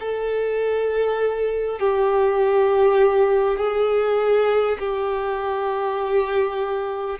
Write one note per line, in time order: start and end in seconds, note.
0.00 1.80 A4
1.80 3.58 G4
3.58 4.78 G#4
4.79 7.19 G4